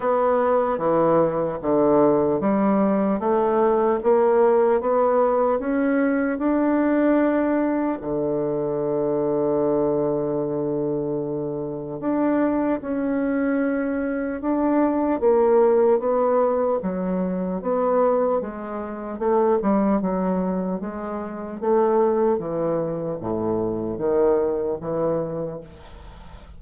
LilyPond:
\new Staff \with { instrumentName = "bassoon" } { \time 4/4 \tempo 4 = 75 b4 e4 d4 g4 | a4 ais4 b4 cis'4 | d'2 d2~ | d2. d'4 |
cis'2 d'4 ais4 | b4 fis4 b4 gis4 | a8 g8 fis4 gis4 a4 | e4 a,4 dis4 e4 | }